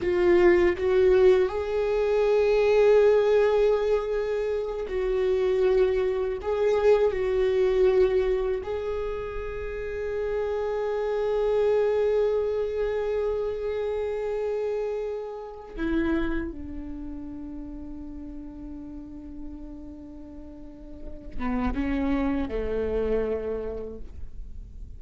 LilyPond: \new Staff \with { instrumentName = "viola" } { \time 4/4 \tempo 4 = 80 f'4 fis'4 gis'2~ | gis'2~ gis'8 fis'4.~ | fis'8 gis'4 fis'2 gis'8~ | gis'1~ |
gis'1~ | gis'4 e'4 d'2~ | d'1~ | d'8 b8 cis'4 a2 | }